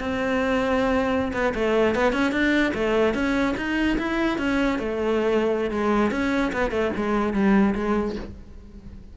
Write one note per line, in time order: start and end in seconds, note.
0.00 1.33 C4
1.33 1.54 B3
1.55 1.95 A3
1.95 2.13 B3
2.13 2.32 C#4
2.32 2.73 D4
2.75 3.15 A3
3.15 3.55 C#4
3.57 3.98 D#4
3.99 4.38 E4
4.38 4.79 C#4
4.79 5.71 A3
5.71 6.11 G#3
6.11 6.52 C#4
6.53 6.71 B3
6.71 6.92 A3
6.97 7.33 G#3
7.33 7.74 G3
7.75 8.16 G#3